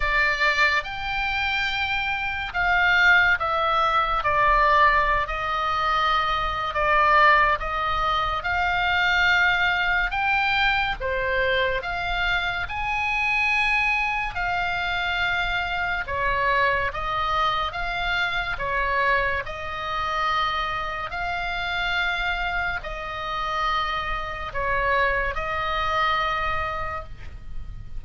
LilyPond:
\new Staff \with { instrumentName = "oboe" } { \time 4/4 \tempo 4 = 71 d''4 g''2 f''4 | e''4 d''4~ d''16 dis''4.~ dis''16 | d''4 dis''4 f''2 | g''4 c''4 f''4 gis''4~ |
gis''4 f''2 cis''4 | dis''4 f''4 cis''4 dis''4~ | dis''4 f''2 dis''4~ | dis''4 cis''4 dis''2 | }